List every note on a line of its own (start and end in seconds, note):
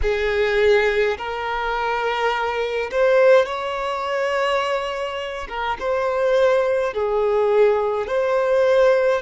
0.02 1.17 G#4
1.17 2.90 A#4
2.91 3.45 C5
3.45 5.47 C#5
5.48 5.77 A#4
5.80 6.93 C5
6.93 8.07 G#4
8.07 9.22 C5